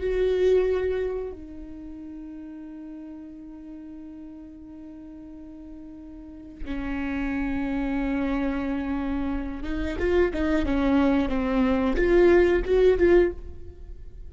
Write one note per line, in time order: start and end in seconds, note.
0.00 1.32 F#4
1.32 6.65 D#4
6.65 9.63 C#4
9.63 9.96 D#4
9.99 10.32 F4
10.33 10.65 D#4
10.65 11.28 C#4
11.28 11.95 C4
11.96 12.62 F4
12.65 12.98 F#4
12.98 13.31 F4